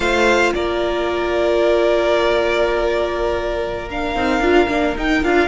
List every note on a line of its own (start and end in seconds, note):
0.00 0.53 A3
0.00 3.88 F4
0.00 0.54 C5
0.00 0.52 F5
0.54 4.15 A#3
0.54 5.47 A#4
0.54 3.89 D5
3.90 4.15 D4
3.90 4.97 F5
4.15 4.40 C4
4.15 4.42 D#4
4.40 4.67 D4
4.40 4.68 F4
4.68 4.95 A#3
4.68 4.94 D4
4.96 5.22 D#4
4.96 5.23 D#4
4.96 5.23 G5
5.23 5.47 D4
5.23 5.47 F4
5.23 5.47 F5